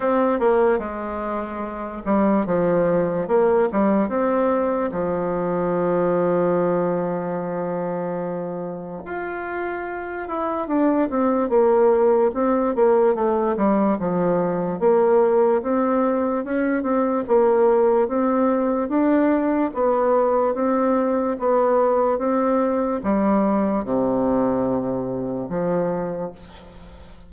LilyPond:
\new Staff \with { instrumentName = "bassoon" } { \time 4/4 \tempo 4 = 73 c'8 ais8 gis4. g8 f4 | ais8 g8 c'4 f2~ | f2. f'4~ | f'8 e'8 d'8 c'8 ais4 c'8 ais8 |
a8 g8 f4 ais4 c'4 | cis'8 c'8 ais4 c'4 d'4 | b4 c'4 b4 c'4 | g4 c2 f4 | }